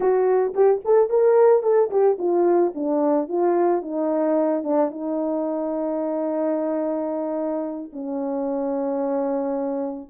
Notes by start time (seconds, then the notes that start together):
0.00 F#4
0.54 G4
0.84 A4
1.09 A#4
1.62 A4
1.90 G4
2.18 F4
2.74 D4
3.28 F4
3.82 D#4
4.63 D4
4.90 D#4
7.92 C#4